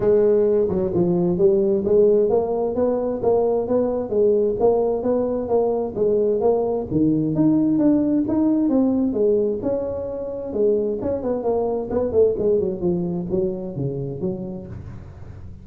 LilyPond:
\new Staff \with { instrumentName = "tuba" } { \time 4/4 \tempo 4 = 131 gis4. fis8 f4 g4 | gis4 ais4 b4 ais4 | b4 gis4 ais4 b4 | ais4 gis4 ais4 dis4 |
dis'4 d'4 dis'4 c'4 | gis4 cis'2 gis4 | cis'8 b8 ais4 b8 a8 gis8 fis8 | f4 fis4 cis4 fis4 | }